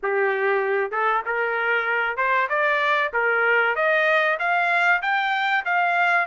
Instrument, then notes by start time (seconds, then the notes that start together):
trumpet
0.03 G4
0.91 A4
1.25 A#4
2.16 C5
2.49 D5
3.12 A#4
3.75 D#5
4.39 F5
5.01 G5
5.65 F5